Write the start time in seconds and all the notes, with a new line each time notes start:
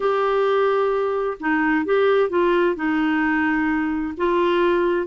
0.00 G4
1.40 D#4
1.85 G4
2.29 F4
2.75 D#4
4.17 F4